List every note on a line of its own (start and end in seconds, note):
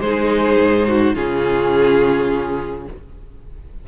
0.00 0.57 G#3
0.00 1.15 D#4
0.00 0.88 G#4
0.00 1.15 C5
0.58 1.15 G#2
0.88 1.15 F#4
1.15 2.87 C#3
1.15 2.86 C#4
1.15 2.86 F4
1.15 2.87 G#4